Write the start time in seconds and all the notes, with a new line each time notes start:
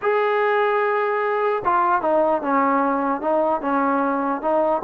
0.01 G#4
1.64 F4
2.01 D#4
2.42 C#4
3.21 D#4
3.61 C#4
4.41 D#4